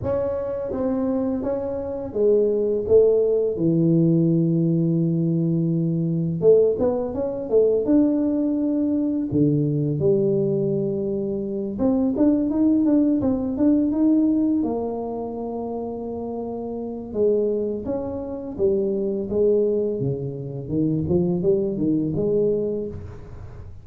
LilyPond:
\new Staff \with { instrumentName = "tuba" } { \time 4/4 \tempo 4 = 84 cis'4 c'4 cis'4 gis4 | a4 e2.~ | e4 a8 b8 cis'8 a8 d'4~ | d'4 d4 g2~ |
g8 c'8 d'8 dis'8 d'8 c'8 d'8 dis'8~ | dis'8 ais2.~ ais8 | gis4 cis'4 g4 gis4 | cis4 dis8 f8 g8 dis8 gis4 | }